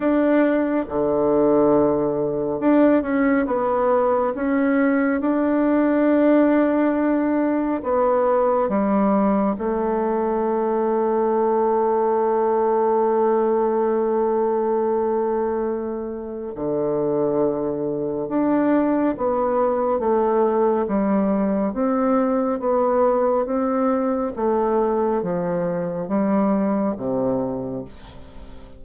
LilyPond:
\new Staff \with { instrumentName = "bassoon" } { \time 4/4 \tempo 4 = 69 d'4 d2 d'8 cis'8 | b4 cis'4 d'2~ | d'4 b4 g4 a4~ | a1~ |
a2. d4~ | d4 d'4 b4 a4 | g4 c'4 b4 c'4 | a4 f4 g4 c4 | }